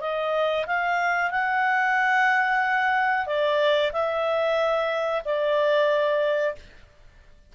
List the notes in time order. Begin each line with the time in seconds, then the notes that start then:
0.00 D#5
0.66 F5
1.30 F#5
3.26 D5
3.92 E5
5.24 D5